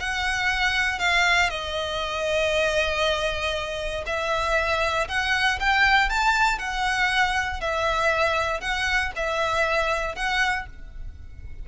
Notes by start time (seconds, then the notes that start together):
0.00 F#5
0.99 F5
1.50 D#5
4.06 E5
5.08 F#5
5.60 G5
6.09 A5
6.59 F#5
7.61 E5
8.61 F#5
9.16 E5
10.15 F#5